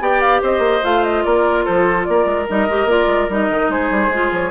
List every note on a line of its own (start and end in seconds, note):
0.00 0.41 B3
0.00 0.83 G4
0.00 0.42 D5
0.00 0.21 G5
0.21 0.41 F5
0.42 0.59 C4
0.42 1.24 C5
0.42 0.84 D#5
0.59 0.79 A#3
0.83 1.25 A3
0.83 2.47 F4
0.83 1.04 F5
1.04 1.24 D#5
1.24 1.66 A#3
1.24 1.65 A#4
1.24 1.65 D5
1.65 2.08 F3
1.65 2.06 A4
1.65 2.05 C5
2.05 2.25 A#3
2.05 3.71 A#4
2.05 2.46 D5
2.25 2.46 G#3
2.48 2.68 G3
2.48 2.68 D#4
2.48 2.89 D#5
2.68 2.85 G#3
2.68 2.89 G4
2.85 3.05 A#3
2.85 3.30 F4
2.85 3.30 D5
3.07 3.27 G#3
3.29 3.49 G3
3.29 4.12 D#4
3.29 3.71 D#5
3.49 3.69 D#3
3.69 3.90 G#3
3.69 4.51 G#4
3.69 4.33 C5
3.90 4.09 G3
4.09 4.29 G#3
4.09 4.51 F4
4.31 4.51 F3
4.31 4.51 C#5